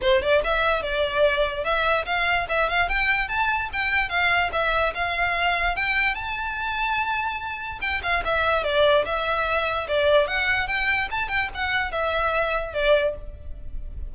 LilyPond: \new Staff \with { instrumentName = "violin" } { \time 4/4 \tempo 4 = 146 c''8 d''8 e''4 d''2 | e''4 f''4 e''8 f''8 g''4 | a''4 g''4 f''4 e''4 | f''2 g''4 a''4~ |
a''2. g''8 f''8 | e''4 d''4 e''2 | d''4 fis''4 g''4 a''8 g''8 | fis''4 e''2 d''4 | }